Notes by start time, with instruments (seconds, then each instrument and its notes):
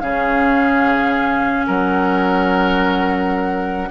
0.00 bassoon C#3, clarinet C#4, oboe G#4, flute F5
1.66 bassoon F#3, oboe A#4, flute F#5